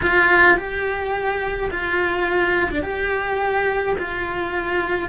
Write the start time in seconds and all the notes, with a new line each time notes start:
0.02 F4
0.56 G4
1.70 F4
2.70 D4
2.82 G4
3.98 F4